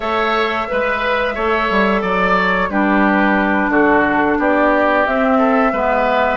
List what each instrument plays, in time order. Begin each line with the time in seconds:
0.00 bassoon A3, clarinet A4, oboe C#5, flute E5
0.68 bassoon G#3, clarinet B4, oboe B4
1.34 bassoon A3, clarinet A4, oboe C#5
1.70 bassoon G3
2.01 bassoon F#3, oboe D5, flute D5
2.36 flute C#5
2.69 bassoon G3, clarinet D4, oboe G4, flute B4
3.68 bassoon D3, oboe F#4, flute A4
4.38 bassoon B3, oboe G4, flute D5
5.06 clarinet C4, bassoon C4, flute E5
5.38 oboe A4
5.72 bassoon G#3, clarinet B3, oboe B4